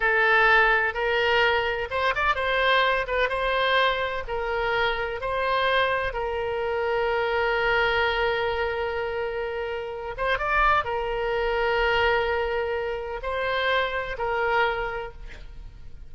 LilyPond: \new Staff \with { instrumentName = "oboe" } { \time 4/4 \tempo 4 = 127 a'2 ais'2 | c''8 d''8 c''4. b'8 c''4~ | c''4 ais'2 c''4~ | c''4 ais'2.~ |
ais'1~ | ais'4. c''8 d''4 ais'4~ | ais'1 | c''2 ais'2 | }